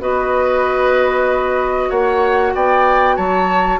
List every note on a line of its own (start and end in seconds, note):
0.00 1.90 B3
0.00 3.79 F#4
0.00 1.89 B4
0.00 1.90 D#5
1.89 2.54 A#3
1.89 2.52 C#5
1.89 2.54 F#5
2.54 3.17 B3
2.54 3.16 D5
2.54 3.16 G5
3.16 3.80 F#3
3.16 3.79 C#5
3.16 3.79 A5